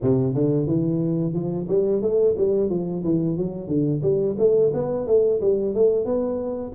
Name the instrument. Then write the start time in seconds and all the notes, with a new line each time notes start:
tuba
0.02 C3
0.34 D3
0.66 E3
1.33 F3
1.68 G3
2.01 A3
2.37 G3
2.69 F3
3.03 E3
3.37 F#3
3.67 D3
4.02 G3
4.38 A3
4.73 B3
5.06 A3
5.41 G3
5.74 A3
6.05 B3